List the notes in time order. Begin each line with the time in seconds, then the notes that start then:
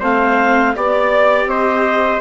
0.00 A3 C4 C5 F5
0.76 B3 G4 D5
1.46 C4 C5 D#5